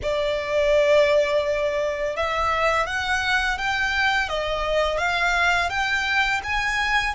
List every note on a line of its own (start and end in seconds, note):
0.02 2.16 D5
2.16 2.86 E5
2.86 3.57 F#5
3.57 4.28 G5
4.28 4.98 D#5
4.98 5.69 F5
5.69 6.41 G5
6.43 7.14 G#5